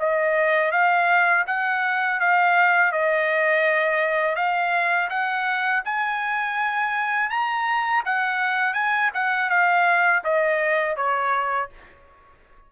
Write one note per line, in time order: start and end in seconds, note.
0.00 0.72 D#5
0.72 1.45 F5
1.47 2.21 F#5
2.21 2.92 F5
2.92 4.36 D#5
4.36 5.10 F5
5.10 5.83 F#5
5.85 7.30 G#5
7.30 8.04 A#5
8.06 8.74 F#5
8.74 9.11 G#5
9.14 9.50 F#5
9.50 10.23 F5
10.24 10.97 D#5
10.97 11.70 C#5